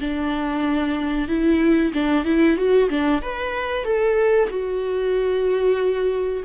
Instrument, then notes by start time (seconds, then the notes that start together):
viola
0.00 D4
1.28 E4
1.93 D4
2.24 E4
2.57 F#4
2.89 D4
3.22 B4
3.84 A4
4.49 F#4